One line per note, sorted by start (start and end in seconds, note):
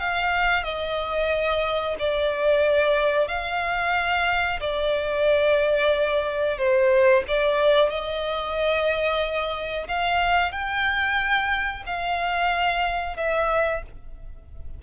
0.00 0.64 F5
0.64 1.95 D#5
1.99 3.28 D5
3.28 4.60 F5
4.60 6.58 D5
6.58 7.24 C5
7.28 7.90 D5
7.90 9.88 D#5
9.88 10.52 F5
10.52 11.84 G5
11.86 13.17 F5
13.17 13.83 E5